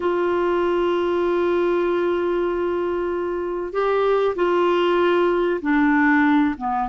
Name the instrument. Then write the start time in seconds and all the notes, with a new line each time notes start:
clarinet
0.00 F4
3.72 G4
4.35 F4
5.61 D4
6.57 B3